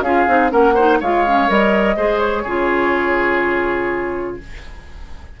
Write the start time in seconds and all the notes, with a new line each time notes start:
0.00 C#4 F4 G#4 F5
0.27 C4 D#4
0.49 A#3 C#4 A#4 F#5
0.74 D#4 C5
1.00 G#3 F4 C#5 F5
1.26 C#4
1.48 G3 A#4 D#5
1.96 G#3 G#4 C5
2.19 C#5
2.42 C#3 F4 G#4